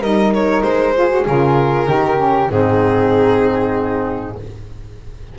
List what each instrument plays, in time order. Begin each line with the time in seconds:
0.00 double bass G3, saxophone D#4, flute A#4, violin D#5
0.33 violin C#5
0.62 double bass G#3, violin C5
0.94 saxophone F4, flute G#4
1.09 saxophone F#4
1.26 double bass C#3, saxophone F4, violin A#4
1.86 double bass D#3, saxophone D#4, flute G4
2.17 saxophone C#4
2.49 double bass G#2, saxophone C4, flute D#4, violin G#4